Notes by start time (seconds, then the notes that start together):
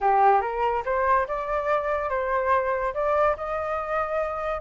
0.00 G4
0.41 A#4
0.85 C5
1.27 D5
2.09 C5
2.94 D5
3.37 D#5